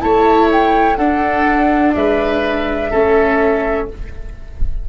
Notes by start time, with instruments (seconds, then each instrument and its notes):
0.00 tuba A3, viola E4, oboe C#5, flute A5
0.52 flute G5
0.97 tuba D4, viola D4, oboe A4, flute F#5
1.94 tuba G#3, oboe B4, flute E5
2.90 tuba A3, viola C#4, oboe A4